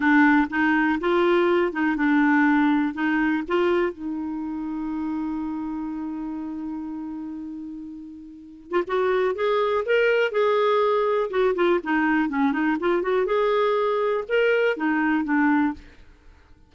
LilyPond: \new Staff \with { instrumentName = "clarinet" } { \time 4/4 \tempo 4 = 122 d'4 dis'4 f'4. dis'8 | d'2 dis'4 f'4 | dis'1~ | dis'1~ |
dis'4.~ dis'16 f'16 fis'4 gis'4 | ais'4 gis'2 fis'8 f'8 | dis'4 cis'8 dis'8 f'8 fis'8 gis'4~ | gis'4 ais'4 dis'4 d'4 | }